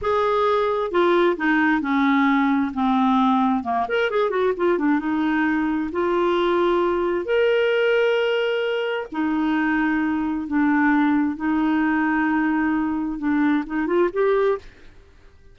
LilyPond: \new Staff \with { instrumentName = "clarinet" } { \time 4/4 \tempo 4 = 132 gis'2 f'4 dis'4 | cis'2 c'2 | ais8 ais'8 gis'8 fis'8 f'8 d'8 dis'4~ | dis'4 f'2. |
ais'1 | dis'2. d'4~ | d'4 dis'2.~ | dis'4 d'4 dis'8 f'8 g'4 | }